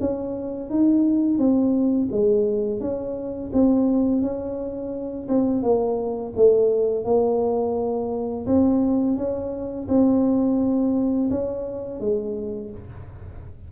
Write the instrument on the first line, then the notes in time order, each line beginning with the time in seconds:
tuba
0.00 C#4
0.70 D#4
1.38 C4
2.11 G#3
2.80 C#4
3.53 C4
4.22 C#4
5.28 C4
5.62 A#3
6.36 A3
7.04 A#3
8.46 C4
9.17 C#4
9.88 C4
11.30 C#4
12.00 G#3